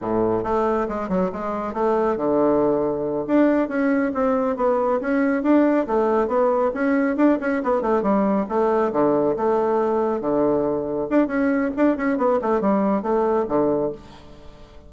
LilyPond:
\new Staff \with { instrumentName = "bassoon" } { \time 4/4 \tempo 4 = 138 a,4 a4 gis8 fis8 gis4 | a4 d2~ d8 d'8~ | d'8 cis'4 c'4 b4 cis'8~ | cis'8 d'4 a4 b4 cis'8~ |
cis'8 d'8 cis'8 b8 a8 g4 a8~ | a8 d4 a2 d8~ | d4. d'8 cis'4 d'8 cis'8 | b8 a8 g4 a4 d4 | }